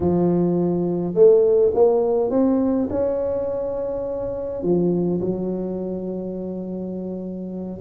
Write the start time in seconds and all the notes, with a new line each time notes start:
0.00 F3
1.14 A3
1.74 A#3
2.30 C4
2.90 C#4
4.63 F3
5.21 F#3